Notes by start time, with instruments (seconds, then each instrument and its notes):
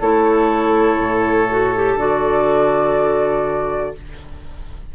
0.00 bassoon A3, clarinet E4, oboe A4, flute C#5
0.98 bassoon A2
1.50 clarinet F#4
1.75 clarinet G4
1.96 bassoon D3, clarinet F#4, flute D5